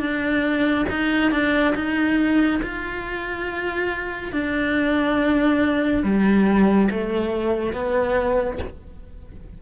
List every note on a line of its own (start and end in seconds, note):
0.00 0.86 D4
0.90 1.32 D#4
1.32 1.75 D4
1.75 2.61 D#4
2.63 4.32 F4
4.32 6.04 D4
6.04 6.89 G3
6.91 7.73 A3
7.73 8.59 B3